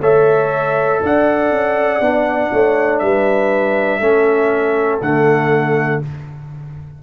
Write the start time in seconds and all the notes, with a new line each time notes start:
0.00 A3 A4 C#5 E5
1.02 D4 D5 F#5
1.51 C#4
2.01 B3 D4
2.52 A3 C#5
2.99 G3 B4 E5
4.00 A3 C#4 A4
5.01 D3 A3 F#5